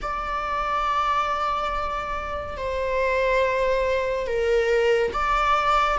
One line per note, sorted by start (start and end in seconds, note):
0.02 2.57 D5
2.57 4.26 C5
4.26 5.12 A#4
5.12 5.98 D5